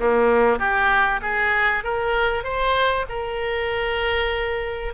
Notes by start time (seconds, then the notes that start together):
0.00 A#3
0.59 G4
1.22 G#4
1.84 A#4
2.44 C5
3.09 A#4